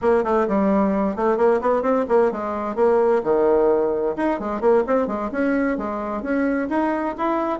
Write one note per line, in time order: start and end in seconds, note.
0.01 0.23 A#3
0.23 0.47 A3
0.48 1.16 G3
1.16 1.37 A3
1.37 1.60 A#3
1.61 1.82 B3
1.82 2.05 C4
2.08 2.31 A#3
2.31 2.75 G#3
2.75 3.22 A#3
3.23 4.15 D#3
4.16 4.39 D#4
4.39 4.60 G#3
4.60 4.83 A#3
4.86 5.07 C4
5.07 5.30 G#3
5.31 5.77 C#4
5.77 6.22 G#3
6.22 6.68 C#4
6.69 7.15 D#4
7.17 7.59 E4